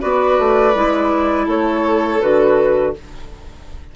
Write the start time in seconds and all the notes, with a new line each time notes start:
0.00 B3 F#4 B4 D5
0.39 A3
0.75 G#3 E4
1.45 A3 A4 C#5
2.21 D3 F#4 B4